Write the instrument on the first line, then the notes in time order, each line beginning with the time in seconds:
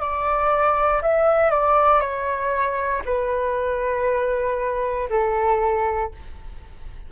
flute
0.00 D5
1.02 E5
1.50 D5
2.01 C#5
3.06 B4
5.10 A4